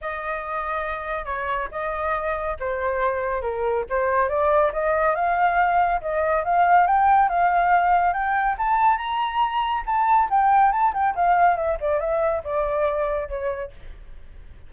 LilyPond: \new Staff \with { instrumentName = "flute" } { \time 4/4 \tempo 4 = 140 dis''2. cis''4 | dis''2 c''2 | ais'4 c''4 d''4 dis''4 | f''2 dis''4 f''4 |
g''4 f''2 g''4 | a''4 ais''2 a''4 | g''4 a''8 g''8 f''4 e''8 d''8 | e''4 d''2 cis''4 | }